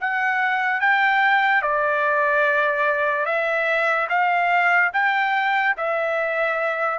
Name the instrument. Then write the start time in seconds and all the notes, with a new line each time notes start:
trumpet
0.00 F#5
0.80 G5
1.62 D5
3.25 E5
4.09 F5
4.93 G5
5.77 E5